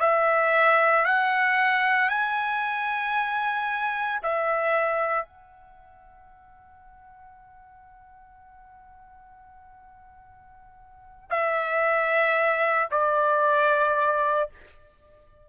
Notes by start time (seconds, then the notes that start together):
0.00 E5
1.05 F#5
2.09 G#5
4.23 E5
5.25 F#5
11.30 E5
12.91 D5